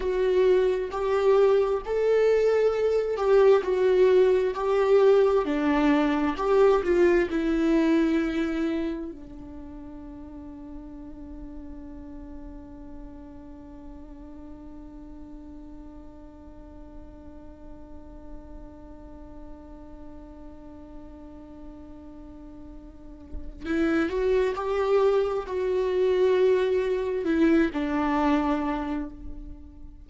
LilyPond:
\new Staff \with { instrumentName = "viola" } { \time 4/4 \tempo 4 = 66 fis'4 g'4 a'4. g'8 | fis'4 g'4 d'4 g'8 f'8 | e'2 d'2~ | d'1~ |
d'1~ | d'1~ | d'2 e'8 fis'8 g'4 | fis'2 e'8 d'4. | }